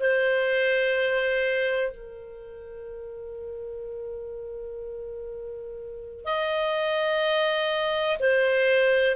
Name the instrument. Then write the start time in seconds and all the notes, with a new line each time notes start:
clarinet
0.00 C5
1.91 A#4
6.25 D#5
8.20 C5